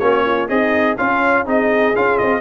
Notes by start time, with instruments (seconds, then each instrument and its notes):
0.00 tuba A#3, trombone C#4, horn F#4, trumpet C#5
0.26 horn F4
0.49 tuba C4, horn D#4, trombone G#4, trumpet D#5
0.97 horn C#4, tuba C#4, trombone F4, trumpet F5
1.46 tuba C4, trombone D#4, horn G#4, trumpet D#5
1.95 tuba C#4, trombone F4, trumpet F5
2.18 tuba C4, trumpet D#5